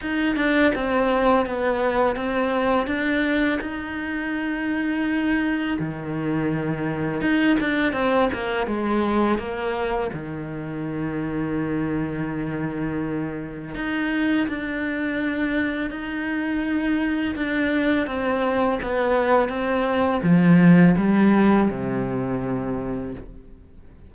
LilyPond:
\new Staff \with { instrumentName = "cello" } { \time 4/4 \tempo 4 = 83 dis'8 d'8 c'4 b4 c'4 | d'4 dis'2. | dis2 dis'8 d'8 c'8 ais8 | gis4 ais4 dis2~ |
dis2. dis'4 | d'2 dis'2 | d'4 c'4 b4 c'4 | f4 g4 c2 | }